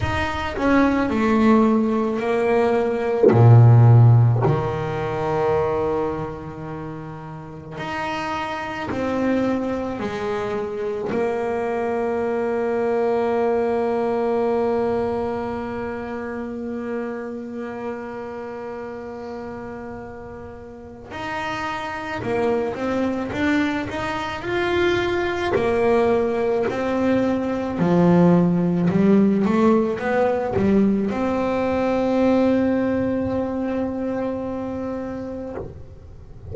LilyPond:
\new Staff \with { instrumentName = "double bass" } { \time 4/4 \tempo 4 = 54 dis'8 cis'8 a4 ais4 ais,4 | dis2. dis'4 | c'4 gis4 ais2~ | ais1~ |
ais2. dis'4 | ais8 c'8 d'8 dis'8 f'4 ais4 | c'4 f4 g8 a8 b8 g8 | c'1 | }